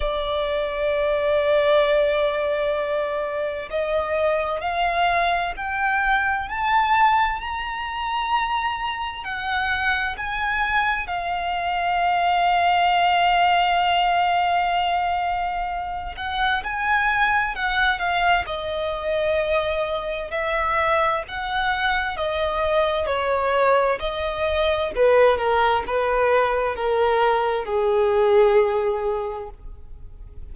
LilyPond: \new Staff \with { instrumentName = "violin" } { \time 4/4 \tempo 4 = 65 d''1 | dis''4 f''4 g''4 a''4 | ais''2 fis''4 gis''4 | f''1~ |
f''4. fis''8 gis''4 fis''8 f''8 | dis''2 e''4 fis''4 | dis''4 cis''4 dis''4 b'8 ais'8 | b'4 ais'4 gis'2 | }